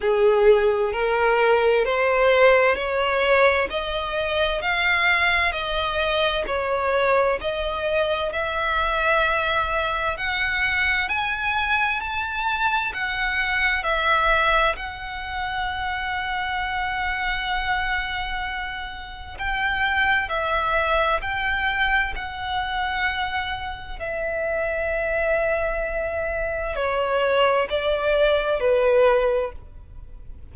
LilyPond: \new Staff \with { instrumentName = "violin" } { \time 4/4 \tempo 4 = 65 gis'4 ais'4 c''4 cis''4 | dis''4 f''4 dis''4 cis''4 | dis''4 e''2 fis''4 | gis''4 a''4 fis''4 e''4 |
fis''1~ | fis''4 g''4 e''4 g''4 | fis''2 e''2~ | e''4 cis''4 d''4 b'4 | }